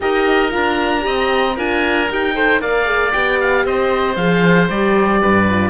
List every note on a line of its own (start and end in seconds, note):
0.00 0.52 D#4
0.00 0.50 G4
0.00 1.05 A#4
0.00 0.53 D#5
0.50 1.05 D4
0.50 1.00 F4
0.50 1.58 A#5
1.00 1.58 C4
1.00 1.52 G4
1.00 1.56 D#5
1.56 2.10 D4
1.56 2.08 F4
1.56 2.34 A#4
1.56 2.11 G#5
2.09 2.61 D#4
2.09 2.34 G4
2.09 2.61 G5
2.34 2.60 A4
2.34 2.61 C5
2.60 3.13 A#3
2.60 2.85 A#4
2.60 3.65 D5
2.60 3.12 F5
2.85 3.11 G#4
3.12 3.65 B3
3.12 4.16 G4
3.12 3.38 G5
3.40 3.65 F5
3.65 4.16 C4
3.65 5.21 C5
3.65 4.15 D#5
4.15 4.68 F3
4.15 4.68 G#4
4.15 4.68 F5
4.68 5.22 G3
4.68 5.47 G4
4.68 5.70 D5
5.21 5.70 G2
5.21 5.70 B4
5.49 5.70 F4